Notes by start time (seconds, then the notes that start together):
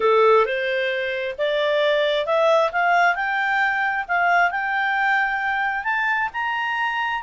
0.00 A4
0.45 C5
1.37 D5
2.26 E5
2.71 F5
3.15 G5
4.08 F5
4.51 G5
5.84 A5
6.33 A#5